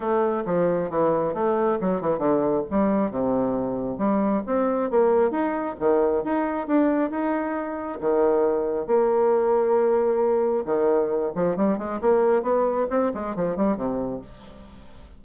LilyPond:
\new Staff \with { instrumentName = "bassoon" } { \time 4/4 \tempo 4 = 135 a4 f4 e4 a4 | fis8 e8 d4 g4 c4~ | c4 g4 c'4 ais4 | dis'4 dis4 dis'4 d'4 |
dis'2 dis2 | ais1 | dis4. f8 g8 gis8 ais4 | b4 c'8 gis8 f8 g8 c4 | }